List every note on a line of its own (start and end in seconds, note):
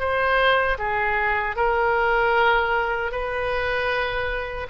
0.00 0.78 C5
0.79 1.56 G#4
1.56 3.12 A#4
3.12 4.68 B4